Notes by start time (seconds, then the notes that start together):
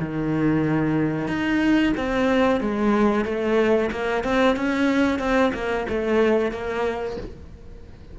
0.00 D#3
1.28 D#4
1.97 C4
2.61 G#3
3.25 A3
3.91 A#3
4.24 C4
4.56 C#4
5.19 C4
5.54 A#3
5.89 A3
6.52 A#3